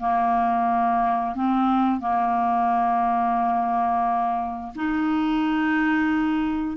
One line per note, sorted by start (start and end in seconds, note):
0.00 1.35 A#3
1.35 2.01 C4
2.01 4.73 A#3
4.76 6.77 D#4